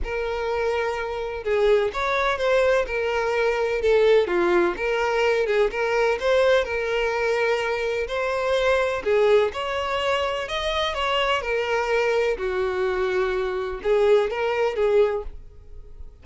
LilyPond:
\new Staff \with { instrumentName = "violin" } { \time 4/4 \tempo 4 = 126 ais'2. gis'4 | cis''4 c''4 ais'2 | a'4 f'4 ais'4. gis'8 | ais'4 c''4 ais'2~ |
ais'4 c''2 gis'4 | cis''2 dis''4 cis''4 | ais'2 fis'2~ | fis'4 gis'4 ais'4 gis'4 | }